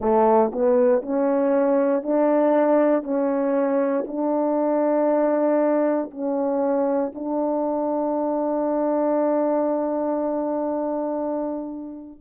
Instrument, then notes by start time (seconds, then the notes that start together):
horn
0.00 A3
0.52 B3
1.02 C#4
2.02 D4
3.03 C#4
4.07 D4
6.10 C#4
7.14 D4